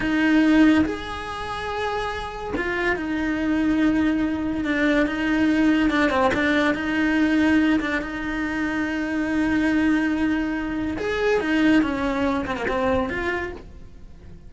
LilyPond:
\new Staff \with { instrumentName = "cello" } { \time 4/4 \tempo 4 = 142 dis'2 gis'2~ | gis'2 f'4 dis'4~ | dis'2. d'4 | dis'2 d'8 c'8 d'4 |
dis'2~ dis'8 d'8 dis'4~ | dis'1~ | dis'2 gis'4 dis'4 | cis'4. c'16 ais16 c'4 f'4 | }